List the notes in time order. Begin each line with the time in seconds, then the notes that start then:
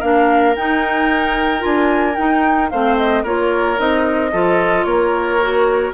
0.00 A#3 D4 A#4 F5
0.56 D#4 G5
1.59 D4 F4 G#5
2.15 D#4 G5
2.70 A3 C4 C5 F5
2.98 D#5
3.24 A#3 F4 A#4 C#5
3.77 C4 D#4 D#5
4.33 F3 F4 A4
4.85 A#3 A#4 C#5
5.42 F#4